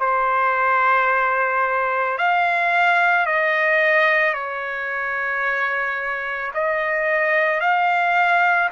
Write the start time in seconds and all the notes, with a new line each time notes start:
0.00 C5
2.18 F5
3.26 D#5
4.33 C#5
6.54 D#5
7.61 F5